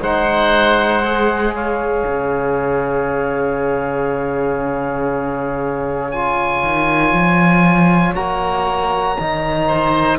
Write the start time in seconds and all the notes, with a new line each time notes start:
0.00 G#3 D#4 C5 F#5
1.03 G#4
1.54 C#5 F5
2.07 C#3
6.11 F4 G#5
6.63 D#3
7.13 F3
8.15 A#3 F#4 A#5
9.19 D#3 D#4
9.67 C5